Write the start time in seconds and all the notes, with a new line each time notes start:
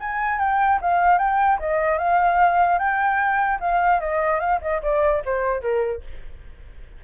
0.00 G#5
0.39 G5
0.81 F5
1.18 G5
1.59 D#5
1.98 F5
2.79 G5
3.60 F5
4.00 D#5
4.40 F5
4.61 D#5
4.82 D5
5.25 C5
5.62 A#4